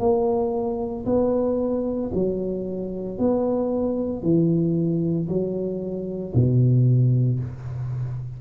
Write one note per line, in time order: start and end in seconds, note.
0.00 1.05 A#3
1.06 2.11 B3
2.15 3.19 F#3
3.19 4.23 B3
4.23 5.28 E3
5.29 6.34 F#3
6.34 7.40 B2